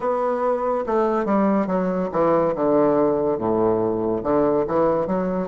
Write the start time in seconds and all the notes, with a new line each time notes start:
0.00 B3
0.86 A3
1.24 G3
1.66 F#3
2.12 E3
2.55 D3
3.38 A2
4.23 D3
4.67 E3
5.07 F#3